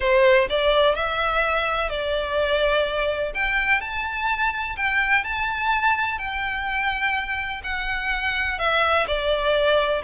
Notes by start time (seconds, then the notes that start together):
0.00 C5
0.49 D5
0.95 E5
1.89 D5
3.34 G5
3.80 A5
4.76 G5
5.24 A5
6.18 G5
7.63 F#5
8.58 E5
9.07 D5